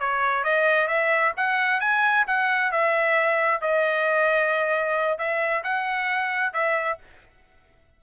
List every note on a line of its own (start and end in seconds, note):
0.00 0.44 C#5
0.44 0.88 D#5
0.88 1.33 E5
1.37 1.81 F#5
1.81 2.26 G#5
2.28 2.72 F#5
2.72 3.61 E5
3.61 5.19 D#5
5.19 5.64 E5
5.64 6.54 F#5
6.54 6.99 E5